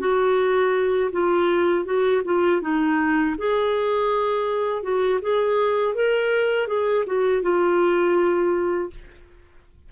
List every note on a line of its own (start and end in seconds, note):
0.00 1.11 F#4
1.12 1.86 F4
1.86 2.23 F#4
2.25 2.62 F4
2.62 3.36 D#4
3.38 4.83 G#4
4.83 5.20 F#4
5.22 5.95 G#4
5.95 6.68 A#4
6.68 7.05 G#4
7.07 7.42 F#4
7.42 8.91 F4